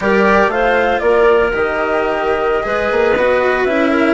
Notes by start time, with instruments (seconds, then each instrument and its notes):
0.00 bassoon G3, cello G4, clarinet A#4, flute D5
0.47 bassoon A3, cello F4, clarinet C5, flute F5
0.99 bassoon A#3, clarinet A#4, flute D5
1.52 bassoon D#3, cello G4, flute D#5
2.63 bassoon G#3, cello G#4, clarinet B4
2.91 bassoon A#3
3.16 bassoon B3, cello F#4
3.64 bassoon C#4, cello E4, flute E5
3.91 clarinet A#4